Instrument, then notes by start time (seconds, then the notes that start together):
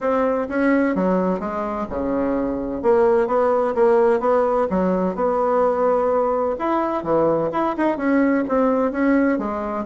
bassoon
0.00 C4
0.48 C#4
0.95 F#3
1.39 G#3
1.89 C#3
2.82 A#3
3.27 B3
3.74 A#3
4.20 B3
4.70 F#3
5.15 B3
6.59 E4
7.03 E3
7.51 E4
7.77 D#4
7.97 C#4
8.48 C4
8.91 C#4
9.38 G#3